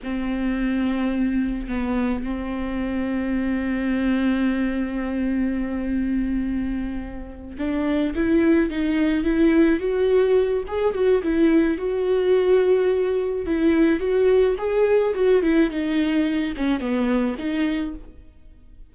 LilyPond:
\new Staff \with { instrumentName = "viola" } { \time 4/4 \tempo 4 = 107 c'2. b4 | c'1~ | c'1~ | c'4. d'4 e'4 dis'8~ |
dis'8 e'4 fis'4. gis'8 fis'8 | e'4 fis'2. | e'4 fis'4 gis'4 fis'8 e'8 | dis'4. cis'8 b4 dis'4 | }